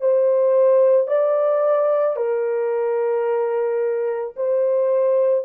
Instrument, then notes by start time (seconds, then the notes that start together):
horn
0.00 C5
1.07 D5
2.16 A#4
4.36 C5